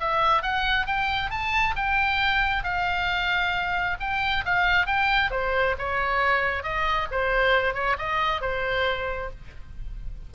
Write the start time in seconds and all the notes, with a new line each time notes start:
0.00 E5
0.43 F#5
0.86 G5
1.30 A5
1.76 G5
2.64 F5
4.00 G5
4.45 F5
4.86 G5
5.31 C5
5.79 C#5
6.63 D#5
7.11 C5
7.74 C#5
7.98 D#5
8.41 C5